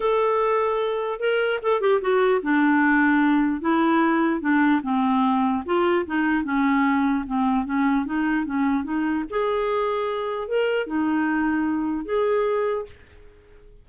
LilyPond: \new Staff \with { instrumentName = "clarinet" } { \time 4/4 \tempo 4 = 149 a'2. ais'4 | a'8 g'8 fis'4 d'2~ | d'4 e'2 d'4 | c'2 f'4 dis'4 |
cis'2 c'4 cis'4 | dis'4 cis'4 dis'4 gis'4~ | gis'2 ais'4 dis'4~ | dis'2 gis'2 | }